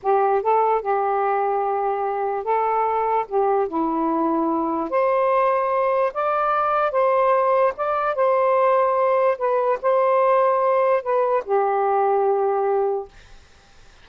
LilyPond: \new Staff \with { instrumentName = "saxophone" } { \time 4/4 \tempo 4 = 147 g'4 a'4 g'2~ | g'2 a'2 | g'4 e'2. | c''2. d''4~ |
d''4 c''2 d''4 | c''2. b'4 | c''2. b'4 | g'1 | }